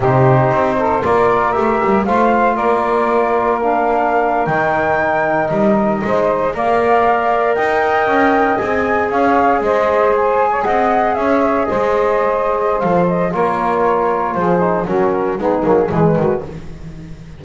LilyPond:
<<
  \new Staff \with { instrumentName = "flute" } { \time 4/4 \tempo 4 = 117 c''2 d''4 e''4 | f''4 d''2 f''4~ | f''8. g''2 dis''4~ dis''16~ | dis''8. f''2 g''4~ g''16~ |
g''8. gis''4 f''4 dis''4 gis''16~ | gis''8. fis''4 e''4 dis''4~ dis''16~ | dis''4 f''8 dis''8 cis''2 | c''4 ais'4 gis'4 b'4 | }
  \new Staff \with { instrumentName = "saxophone" } { \time 4/4 g'4. a'8 ais'2 | c''4 ais'2.~ | ais'2.~ ais'8. c''16~ | c''8. d''2 dis''4~ dis''16~ |
dis''4.~ dis''16 cis''4 c''4~ c''16~ | c''8 cis''16 dis''4 cis''4 c''4~ c''16~ | c''2 ais'2 | gis'4 fis'4 dis'4 gis'8 fis'8 | }
  \new Staff \with { instrumentName = "trombone" } { \time 4/4 dis'2 f'4 g'4 | f'2. d'4~ | d'8. dis'2.~ dis'16~ | dis'8. ais'2.~ ais'16~ |
ais'8. gis'2.~ gis'16~ | gis'1~ | gis'4 a'4 f'2~ | f'8 dis'8 cis'4 b8 ais8 gis4 | }
  \new Staff \with { instrumentName = "double bass" } { \time 4/4 c4 c'4 ais4 a8 g8 | a4 ais2.~ | ais8. dis2 g4 gis16~ | gis8. ais2 dis'4 cis'16~ |
cis'8. c'4 cis'4 gis4~ gis16~ | gis8. c'4 cis'4 gis4~ gis16~ | gis4 f4 ais2 | f4 fis4 gis8 fis8 e8 dis8 | }
>>